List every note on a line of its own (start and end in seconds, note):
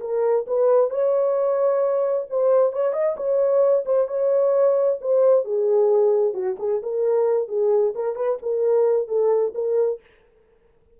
0.00 0.45 A#4
0.47 0.90 B4
0.90 2.26 C#5
2.30 2.73 C5
2.73 2.93 C#5
2.93 3.16 D#5
3.16 3.85 C#5
3.85 4.08 C5
4.08 4.99 C#5
5.01 5.45 C5
5.45 6.34 G#4
6.34 6.56 F#4
6.59 6.82 G#4
6.82 7.48 A#4
7.48 7.94 G#4
7.95 8.15 A#4
8.15 8.38 B4
8.42 9.08 A#4
9.08 9.53 A4
9.55 10.00 A#4